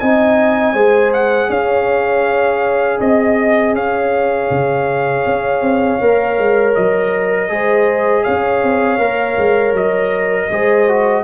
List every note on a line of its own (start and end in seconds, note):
0.00 0.74 C4
0.00 0.76 D#4
0.00 0.74 D#5
0.00 1.12 G#5
0.74 1.49 G#3
0.74 6.01 G#4
0.74 1.49 C5
1.14 1.51 F#5
1.50 3.00 C#4
1.50 2.99 C#5
1.50 3.01 F5
2.99 3.73 C4
2.99 3.74 D#5
2.99 3.76 D#5
3.73 4.48 C#4
3.73 7.52 C#5
3.73 6.75 F5
4.51 5.26 C#3
5.27 5.62 C#4
5.62 5.99 C4
6.01 6.39 A#3
6.01 7.49 A#4
6.39 6.76 G#3
6.75 7.50 F#3
6.75 8.24 D#5
7.49 8.25 G#3
7.49 8.99 G#4
7.49 8.24 C5
8.24 8.63 C#4
8.24 10.49 C#5
8.24 9.74 F5
8.63 8.99 C4
8.99 9.36 A#3
8.99 10.51 A#4
9.38 9.74 G#3
9.74 10.49 F#3
9.74 11.24 D#5
10.51 11.24 G#3
10.51 10.89 G#4
10.51 11.24 C5
10.89 11.24 F#4